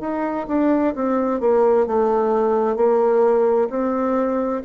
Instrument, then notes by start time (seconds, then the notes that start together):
bassoon
0.00 D#4
0.48 D4
0.95 C4
1.41 A#3
1.87 A3
2.76 A#3
3.70 C4